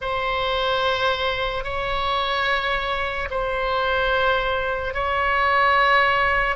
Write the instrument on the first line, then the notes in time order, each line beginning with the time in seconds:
oboe
0.01 C5
1.64 C#5
3.30 C5
4.94 C#5